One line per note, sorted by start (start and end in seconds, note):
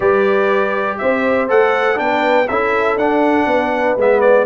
0.00 0.97 G3
0.00 1.48 G4
0.00 0.98 B4
0.00 0.97 D5
0.97 1.50 C4
0.97 1.99 C5
0.97 1.47 E5
1.48 1.99 A3
1.48 1.95 A4
1.48 1.98 F#5
1.95 2.48 B3
1.95 2.45 D4
1.95 2.48 B4
1.95 2.48 G5
2.48 2.96 C#4
2.48 2.99 E4
2.48 3.48 A4
2.48 2.97 E5
2.96 3.46 D4
2.96 3.98 D4
2.96 3.97 F#5
3.46 3.96 B3
3.46 4.46 B4
3.96 4.46 G#3
3.96 4.46 B3
3.96 4.20 E5
4.20 4.45 D5